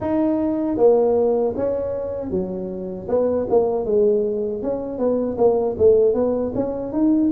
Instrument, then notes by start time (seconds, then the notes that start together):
tuba
0.00 D#4
0.77 A#3
1.56 C#4
2.30 F#3
3.08 B3
3.49 A#3
3.85 G#3
4.62 C#4
4.98 B3
5.37 A#3
5.78 A3
6.14 B3
6.55 C#4
6.92 D#4